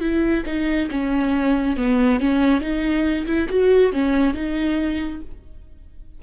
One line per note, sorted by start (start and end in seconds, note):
0.00 0.43 E4
0.45 0.89 D#4
0.91 1.76 C#4
1.76 2.20 B3
2.20 2.60 C#4
2.60 3.25 D#4
3.26 3.48 E4
3.49 3.92 F#4
3.92 4.34 C#4
4.34 5.21 D#4